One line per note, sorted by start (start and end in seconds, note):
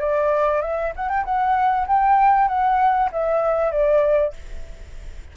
0.00 0.62 D5
0.62 0.93 E5
0.96 1.09 F#5
1.09 1.24 G5
1.25 1.86 F#5
1.87 2.48 G5
2.48 3.10 F#5
3.12 3.71 E5
3.71 4.33 D5